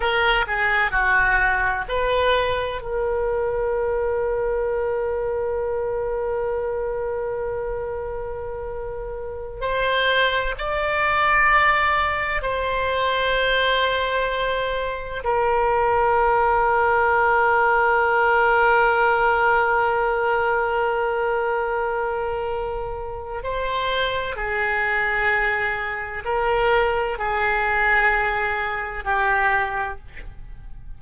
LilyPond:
\new Staff \with { instrumentName = "oboe" } { \time 4/4 \tempo 4 = 64 ais'8 gis'8 fis'4 b'4 ais'4~ | ais'1~ | ais'2~ ais'16 c''4 d''8.~ | d''4~ d''16 c''2~ c''8.~ |
c''16 ais'2.~ ais'8.~ | ais'1~ | ais'4 c''4 gis'2 | ais'4 gis'2 g'4 | }